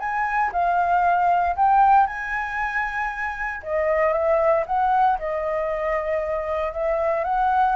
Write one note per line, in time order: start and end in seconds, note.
0.00 0.52 G#5
0.53 1.56 F5
1.56 2.07 G5
2.07 3.62 G#5
3.63 4.13 D#5
4.13 4.65 E5
4.67 5.19 F#5
5.19 6.73 D#5
6.73 7.24 E5
7.24 7.76 F#5